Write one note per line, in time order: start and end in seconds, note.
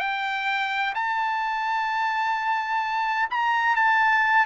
0.00 0.94 G5
0.95 3.29 A5
3.30 3.76 A#5
3.76 4.46 A5